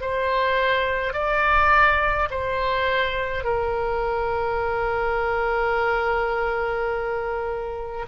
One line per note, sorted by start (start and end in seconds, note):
0.00 1.13 C5
1.13 2.28 D5
2.30 3.44 C5
3.44 8.05 A#4